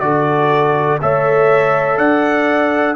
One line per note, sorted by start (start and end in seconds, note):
0.00 1.00 D3
0.00 0.99 F#4
0.00 1.01 A4
0.00 0.98 D5
1.01 1.98 A3
1.01 2.96 A4
1.01 1.98 C#5
1.01 1.98 E5
1.98 2.96 D4
1.98 2.96 D5
1.98 2.96 F#5